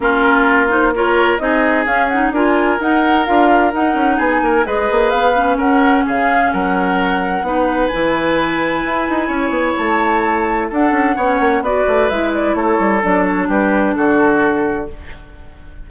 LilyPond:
<<
  \new Staff \with { instrumentName = "flute" } { \time 4/4 \tempo 4 = 129 ais'4. c''8 cis''4 dis''4 | f''8 fis''8 gis''4 fis''4 f''4 | fis''4 gis''4 dis''4 f''4 | fis''4 f''4 fis''2~ |
fis''4 gis''2.~ | gis''4 a''2 fis''4~ | fis''4 d''4 e''8 d''8 cis''4 | d''8 cis''8 b'4 a'2 | }
  \new Staff \with { instrumentName = "oboe" } { \time 4/4 f'2 ais'4 gis'4~ | gis'4 ais'2.~ | ais'4 gis'8 ais'8 b'2 | ais'4 gis'4 ais'2 |
b'1 | cis''2. a'4 | cis''4 b'2 a'4~ | a'4 g'4 fis'2 | }
  \new Staff \with { instrumentName = "clarinet" } { \time 4/4 cis'4. dis'8 f'4 dis'4 | cis'8 dis'8 f'4 dis'4 f'4 | dis'2 gis'4. cis'8~ | cis'1 |
dis'4 e'2.~ | e'2. d'4 | cis'4 fis'4 e'2 | d'1 | }
  \new Staff \with { instrumentName = "bassoon" } { \time 4/4 ais2. c'4 | cis'4 d'4 dis'4 d'4 | dis'8 cis'8 b8 ais8 gis8 ais8 b4 | cis'4 cis4 fis2 |
b4 e2 e'8 dis'8 | cis'8 b8 a2 d'8 cis'8 | b8 ais8 b8 a8 gis4 a8 g8 | fis4 g4 d2 | }
>>